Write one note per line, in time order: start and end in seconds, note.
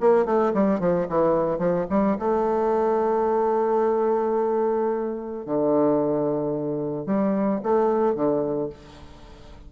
0.00 0.25 A#3
0.25 0.52 A3
0.54 0.79 G3
0.79 1.07 F3
1.08 1.58 E3
1.58 1.86 F3
1.89 2.17 G3
2.18 5.45 A3
5.45 7.06 D3
7.06 7.60 G3
7.63 8.14 A3
8.14 8.69 D3